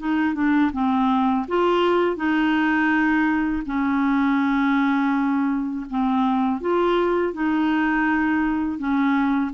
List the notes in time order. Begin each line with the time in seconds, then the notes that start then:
0.00 D#4
0.35 D4
0.73 C4
1.48 F4
2.17 D#4
3.67 C#4
5.90 C4
6.61 F4
7.33 D#4
8.79 C#4